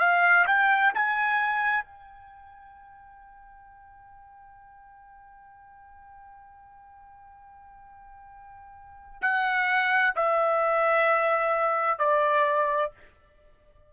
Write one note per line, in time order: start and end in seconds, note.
0.00 0.46 F5
0.47 0.93 G5
0.95 1.85 G#5
1.85 9.22 G5
9.22 10.14 F#5
10.16 11.99 E5
11.99 12.91 D5